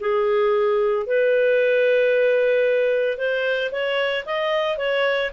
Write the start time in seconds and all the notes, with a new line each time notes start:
0.00 G#4
1.06 B4
3.18 C5
3.72 C#5
4.26 D#5
4.78 C#5